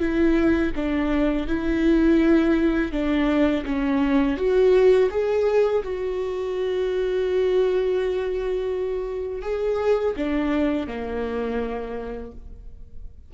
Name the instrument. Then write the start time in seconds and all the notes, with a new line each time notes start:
viola
0.00 E4
0.76 D4
1.48 E4
2.92 D4
3.66 C#4
4.38 F#4
5.11 G#4
5.84 F#4
9.43 G#4
10.17 D4
10.88 A#3